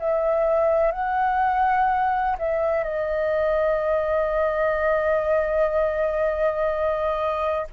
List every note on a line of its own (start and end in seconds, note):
0.00 0.92 E5
0.92 2.37 F#5
2.39 2.84 E5
2.84 7.68 D#5